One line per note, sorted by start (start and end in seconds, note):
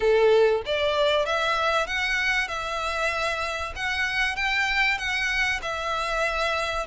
0.00 0.62 A4
0.65 1.25 D5
1.25 1.87 E5
1.87 2.48 F#5
2.48 3.73 E5
3.75 4.36 F#5
4.36 4.97 G5
4.97 5.60 F#5
5.62 6.86 E5